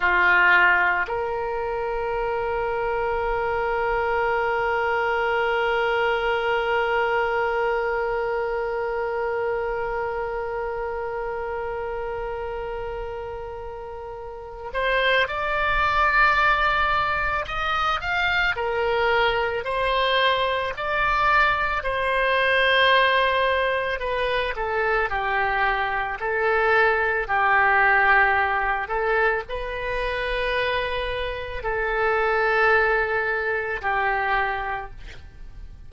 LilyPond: \new Staff \with { instrumentName = "oboe" } { \time 4/4 \tempo 4 = 55 f'4 ais'2.~ | ais'1~ | ais'1~ | ais'4. c''8 d''2 |
dis''8 f''8 ais'4 c''4 d''4 | c''2 b'8 a'8 g'4 | a'4 g'4. a'8 b'4~ | b'4 a'2 g'4 | }